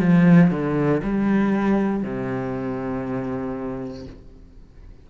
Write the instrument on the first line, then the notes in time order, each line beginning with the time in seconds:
cello
0.00 F3
0.50 D3
1.03 G3
2.03 C3